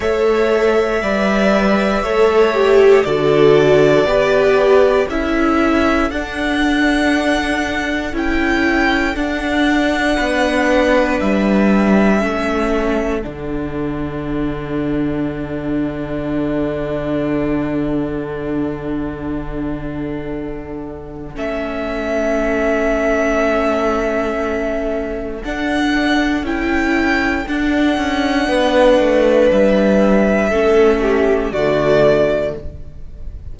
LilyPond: <<
  \new Staff \with { instrumentName = "violin" } { \time 4/4 \tempo 4 = 59 e''2. d''4~ | d''4 e''4 fis''2 | g''4 fis''2 e''4~ | e''4 fis''2.~ |
fis''1~ | fis''4 e''2.~ | e''4 fis''4 g''4 fis''4~ | fis''4 e''2 d''4 | }
  \new Staff \with { instrumentName = "violin" } { \time 4/4 cis''4 d''4 cis''4 a'4 | b'4 a'2.~ | a'2 b'2 | a'1~ |
a'1~ | a'1~ | a'1 | b'2 a'8 g'8 fis'4 | }
  \new Staff \with { instrumentName = "viola" } { \time 4/4 a'4 b'4 a'8 g'8 fis'4 | g'4 e'4 d'2 | e'4 d'2. | cis'4 d'2.~ |
d'1~ | d'4 cis'2.~ | cis'4 d'4 e'4 d'4~ | d'2 cis'4 a4 | }
  \new Staff \with { instrumentName = "cello" } { \time 4/4 a4 g4 a4 d4 | b4 cis'4 d'2 | cis'4 d'4 b4 g4 | a4 d2.~ |
d1~ | d4 a2.~ | a4 d'4 cis'4 d'8 cis'8 | b8 a8 g4 a4 d4 | }
>>